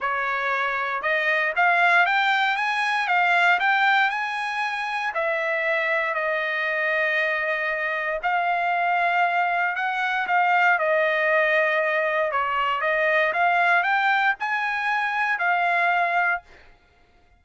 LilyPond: \new Staff \with { instrumentName = "trumpet" } { \time 4/4 \tempo 4 = 117 cis''2 dis''4 f''4 | g''4 gis''4 f''4 g''4 | gis''2 e''2 | dis''1 |
f''2. fis''4 | f''4 dis''2. | cis''4 dis''4 f''4 g''4 | gis''2 f''2 | }